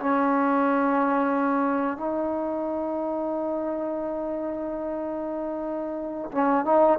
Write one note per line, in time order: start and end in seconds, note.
0.00 1.98 C#4
1.98 6.31 D#4
6.32 6.65 C#4
6.65 6.99 D#4